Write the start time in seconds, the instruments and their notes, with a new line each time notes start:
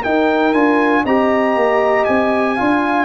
0.00 trombone D#4, tuba D#4, horn A#4, trumpet G5
0.53 tuba D4, trombone F4, trumpet G#5
1.04 tuba C4, trombone G4, horn D#5, trumpet A#5
1.56 tuba A#3
2.05 tuba C4, trumpet G#5
2.55 tuba D4, trombone F4, horn F5